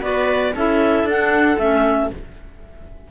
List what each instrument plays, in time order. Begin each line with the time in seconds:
0.00 cello B3, clarinet F#4 D5, viola B4
0.55 cello C#4, clarinet E4 E5, viola A4
1.03 cello D4, clarinet F#5
1.10 clarinet D4
1.58 cello A3, clarinet C#4 E5